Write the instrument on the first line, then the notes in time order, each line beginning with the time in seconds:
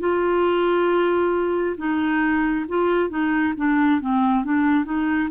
clarinet
0.00 F4
1.78 D#4
2.69 F4
3.10 D#4
3.57 D4
4.01 C4
4.45 D4
4.85 D#4